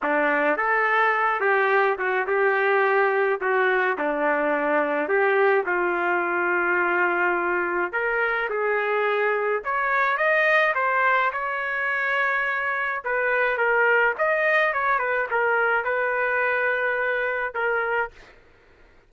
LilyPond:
\new Staff \with { instrumentName = "trumpet" } { \time 4/4 \tempo 4 = 106 d'4 a'4. g'4 fis'8 | g'2 fis'4 d'4~ | d'4 g'4 f'2~ | f'2 ais'4 gis'4~ |
gis'4 cis''4 dis''4 c''4 | cis''2. b'4 | ais'4 dis''4 cis''8 b'8 ais'4 | b'2. ais'4 | }